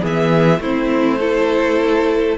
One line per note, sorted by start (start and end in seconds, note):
0.00 0.60 E3
0.00 0.59 B3
0.00 0.60 G#4
0.06 0.62 E5
0.60 2.38 A3
0.60 1.20 C4
0.60 1.19 E4
0.60 2.38 C5
1.19 2.38 E4
1.19 2.38 A4